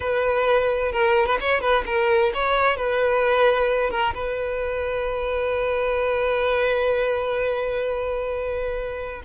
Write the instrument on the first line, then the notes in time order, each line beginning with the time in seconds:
violin
0.00 B4
0.92 A#4
1.26 B4
1.40 C#5
1.60 B4
1.86 A#4
2.33 C#5
2.76 B4
3.90 A#4
4.14 B4